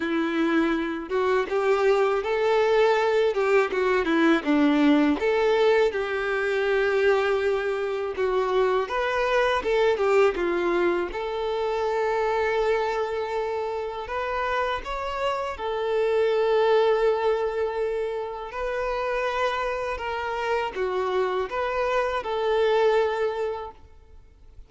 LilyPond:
\new Staff \with { instrumentName = "violin" } { \time 4/4 \tempo 4 = 81 e'4. fis'8 g'4 a'4~ | a'8 g'8 fis'8 e'8 d'4 a'4 | g'2. fis'4 | b'4 a'8 g'8 f'4 a'4~ |
a'2. b'4 | cis''4 a'2.~ | a'4 b'2 ais'4 | fis'4 b'4 a'2 | }